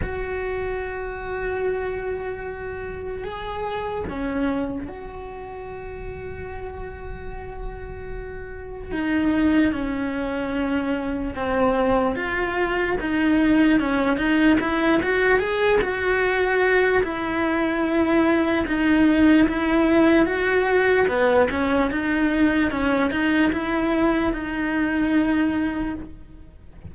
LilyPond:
\new Staff \with { instrumentName = "cello" } { \time 4/4 \tempo 4 = 74 fis'1 | gis'4 cis'4 fis'2~ | fis'2. dis'4 | cis'2 c'4 f'4 |
dis'4 cis'8 dis'8 e'8 fis'8 gis'8 fis'8~ | fis'4 e'2 dis'4 | e'4 fis'4 b8 cis'8 dis'4 | cis'8 dis'8 e'4 dis'2 | }